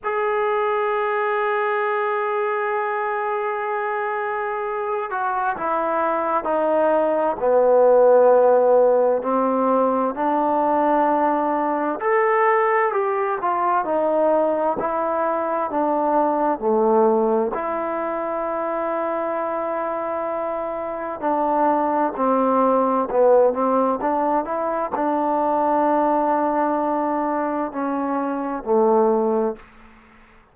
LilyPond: \new Staff \with { instrumentName = "trombone" } { \time 4/4 \tempo 4 = 65 gis'1~ | gis'4. fis'8 e'4 dis'4 | b2 c'4 d'4~ | d'4 a'4 g'8 f'8 dis'4 |
e'4 d'4 a4 e'4~ | e'2. d'4 | c'4 b8 c'8 d'8 e'8 d'4~ | d'2 cis'4 a4 | }